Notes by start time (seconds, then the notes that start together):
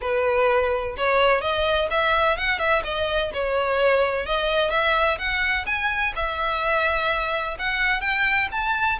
0.01 B4
0.97 C#5
1.41 D#5
1.90 E5
2.37 F#5
2.58 E5
2.83 D#5
3.33 C#5
4.26 D#5
4.70 E5
5.18 F#5
5.65 G#5
6.15 E5
7.58 F#5
8.01 G5
8.51 A5